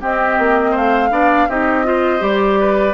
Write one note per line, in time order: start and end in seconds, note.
0.00 1.11 C4
0.00 0.38 C4
0.00 0.71 G4
0.00 0.76 D#5
0.38 0.75 A#3
0.71 1.10 A3
0.71 1.08 C5
0.71 1.50 F5
1.10 1.47 B3
1.10 1.48 D4
1.10 1.49 D5
1.48 2.21 C4
1.48 1.84 D#4
1.48 1.86 G4
1.48 2.23 D#5
1.84 2.19 F4
1.84 2.60 C5
2.19 2.94 G3
2.19 2.93 G4
2.19 2.94 D5
2.60 2.94 B4